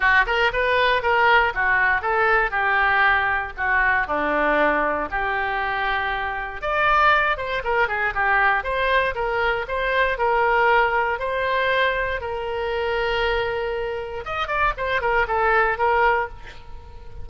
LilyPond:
\new Staff \with { instrumentName = "oboe" } { \time 4/4 \tempo 4 = 118 fis'8 ais'8 b'4 ais'4 fis'4 | a'4 g'2 fis'4 | d'2 g'2~ | g'4 d''4. c''8 ais'8 gis'8 |
g'4 c''4 ais'4 c''4 | ais'2 c''2 | ais'1 | dis''8 d''8 c''8 ais'8 a'4 ais'4 | }